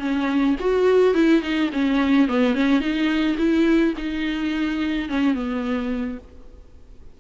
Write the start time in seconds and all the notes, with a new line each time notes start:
0.00 C#4
0.60 F#4
1.15 E4
1.43 D#4
1.73 C#4
2.28 B3
2.55 C#4
2.81 D#4
3.38 E4
3.98 D#4
5.10 C#4
5.34 B3